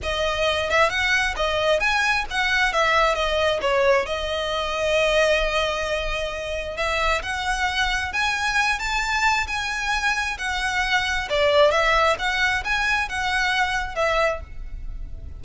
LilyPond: \new Staff \with { instrumentName = "violin" } { \time 4/4 \tempo 4 = 133 dis''4. e''8 fis''4 dis''4 | gis''4 fis''4 e''4 dis''4 | cis''4 dis''2.~ | dis''2. e''4 |
fis''2 gis''4. a''8~ | a''4 gis''2 fis''4~ | fis''4 d''4 e''4 fis''4 | gis''4 fis''2 e''4 | }